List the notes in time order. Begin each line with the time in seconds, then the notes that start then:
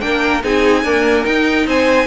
0.00 A#3 D4 A#4 G5
0.43 C4 D#4 G#4 G#5
0.83 A#3 D4 A#4
1.24 D#4 G5
1.67 C4 C5 G#5